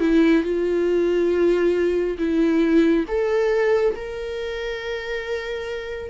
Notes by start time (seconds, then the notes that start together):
0.00 E4
0.43 F4
2.19 E4
3.08 A4
3.96 A#4